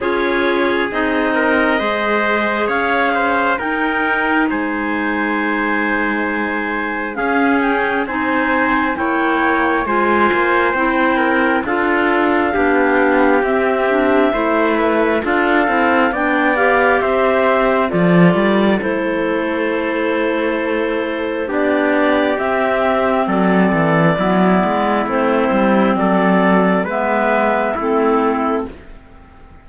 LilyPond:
<<
  \new Staff \with { instrumentName = "clarinet" } { \time 4/4 \tempo 4 = 67 cis''4 dis''2 f''4 | g''4 gis''2. | f''8 g''8 gis''4 g''4 gis''4 | g''4 f''2 e''4~ |
e''4 f''4 g''8 f''8 e''4 | d''4 c''2. | d''4 e''4 d''2 | c''4 d''4 e''4 a'4 | }
  \new Staff \with { instrumentName = "trumpet" } { \time 4/4 gis'4. ais'8 c''4 cis''8 c''8 | ais'4 c''2. | gis'4 c''4 cis''4 c''4~ | c''8 ais'8 a'4 g'2 |
c''8 b'8 a'4 d''4 c''4 | a'1 | g'2 a'4 e'4~ | e'4 a'4 b'4 e'4 | }
  \new Staff \with { instrumentName = "clarinet" } { \time 4/4 f'4 dis'4 gis'2 | dis'1 | cis'4 dis'4 e'4 f'4 | e'4 f'4 d'4 c'8 d'8 |
e'4 f'8 e'8 d'8 g'4. | f'4 e'2. | d'4 c'2 b4 | c'2 b4 c'4 | }
  \new Staff \with { instrumentName = "cello" } { \time 4/4 cis'4 c'4 gis4 cis'4 | dis'4 gis2. | cis'4 c'4 ais4 gis8 ais8 | c'4 d'4 b4 c'4 |
a4 d'8 c'8 b4 c'4 | f8 g8 a2. | b4 c'4 fis8 e8 fis8 gis8 | a8 g8 fis4 gis4 a4 | }
>>